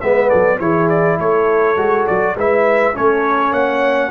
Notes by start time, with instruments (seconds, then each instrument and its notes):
0.00 tuba G#3, trombone B3, horn B4, trumpet E5
0.29 tuba F#3, horn A4, trumpet D5
0.59 tuba E3, trombone E4, horn G#4, trumpet C#5
0.89 trumpet D5
1.18 tuba A3, horn A4, trumpet C#5
1.76 tuba G#3, trombone F#4
2.06 tuba F#3, trumpet D5
2.35 tuba G#3, trombone E4, horn B4, trumpet E5
2.94 tuba A3, trombone C#4, horn A4, trumpet C#5
3.51 tuba A#3, horn C#5, trumpet F#5